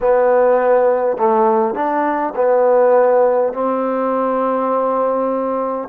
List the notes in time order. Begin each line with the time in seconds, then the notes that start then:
0.00 B3
1.17 A3
1.74 D4
2.35 B3
3.53 C4